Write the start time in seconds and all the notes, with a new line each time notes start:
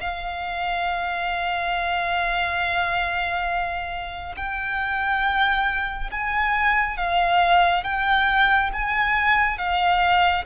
0.00 F5
4.36 G5
6.11 G#5
6.97 F5
7.83 G5
8.73 G#5
9.58 F5